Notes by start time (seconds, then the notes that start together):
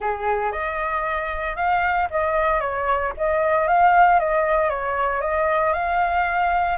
0.00 G#4
0.51 D#5
1.56 F5
2.10 D#5
2.60 C#5
3.17 D#5
3.67 F5
4.19 D#5
4.69 C#5
5.21 D#5
5.73 F5